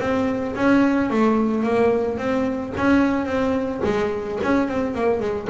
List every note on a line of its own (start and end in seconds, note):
0.00 0.55 C4
0.55 1.10 C#4
1.10 1.63 A3
1.63 2.18 A#3
2.18 2.72 C4
2.77 3.26 C#4
3.26 3.81 C4
3.84 4.39 G#3
4.43 4.68 C#4
4.68 4.94 C4
4.94 5.20 A#3
5.20 5.47 G#3